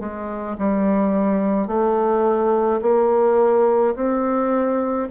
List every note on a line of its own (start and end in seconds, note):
0.00 0.57 G#3
0.59 1.68 G3
1.68 2.81 A3
2.82 3.95 A#3
3.96 5.09 C4